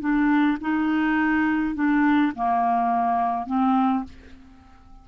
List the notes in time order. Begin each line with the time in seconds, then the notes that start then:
0.00 D4
0.61 D#4
1.75 D4
2.35 A#3
3.47 C4